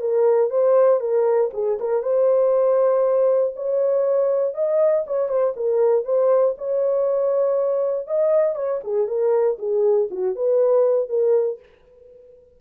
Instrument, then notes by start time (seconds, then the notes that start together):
horn
0.00 A#4
0.50 C5
1.00 A#4
1.53 G#4
1.80 A#4
2.03 C5
3.56 C#5
4.54 D#5
5.06 C#5
5.28 C5
5.56 A#4
6.05 C5
6.58 C#5
8.07 D#5
8.56 C#5
8.84 G#4
9.07 A#4
9.58 G#4
10.10 F#4
10.35 B4
11.09 A#4